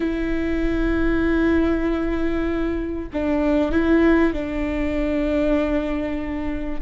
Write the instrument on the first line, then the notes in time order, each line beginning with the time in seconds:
viola
0.00 E4
3.13 D4
3.71 E4
4.33 D4